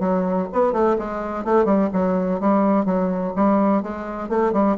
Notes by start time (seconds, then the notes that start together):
0.00 F#3
0.53 B3
0.73 A3
0.99 G#3
1.45 A3
1.66 G3
1.94 F#3
2.40 G3
2.86 F#3
3.36 G3
3.83 G#3
4.29 A3
4.53 G3